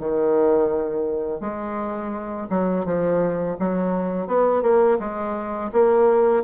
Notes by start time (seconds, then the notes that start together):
0.00 D#3
1.41 G#3
2.50 F#3
2.86 F3
3.59 F#3
4.28 B3
4.63 A#3
4.99 G#3
5.72 A#3